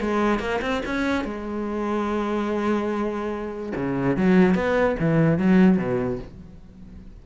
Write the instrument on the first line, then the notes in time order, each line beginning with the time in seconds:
cello
0.00 G#3
0.39 A#3
0.61 C4
0.85 C#4
1.24 G#3
3.75 C#3
4.16 F#3
4.54 B3
4.99 E3
5.38 F#3
5.77 B2